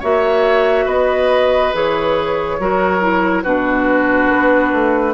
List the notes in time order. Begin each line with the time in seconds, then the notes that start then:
0.00 A#3 F#4 C#5 E5
0.86 B3 B4 D#5
1.74 E3 G#4 C#5
2.60 F#3 F#4 A#4
3.01 E4
3.43 B2 D4 F#4 B4
4.30 B3
4.73 A3